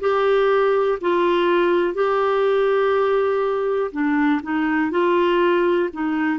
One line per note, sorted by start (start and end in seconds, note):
0.00 0.98 G4
1.01 1.94 F4
1.94 3.91 G4
3.92 4.41 D4
4.43 4.91 D#4
4.91 5.89 F4
5.93 6.39 D#4